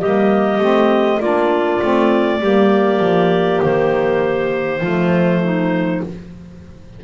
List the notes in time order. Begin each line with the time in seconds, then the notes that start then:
0.00 G3 A#3 G4 D#5
0.58 A3 C4
1.20 A#3 D4 F4 D5
1.81 A3 C4
2.40 G3 A#3 G4
3.00 F3
3.63 D#3 C5
4.80 F3 A3 F4
5.44 D#4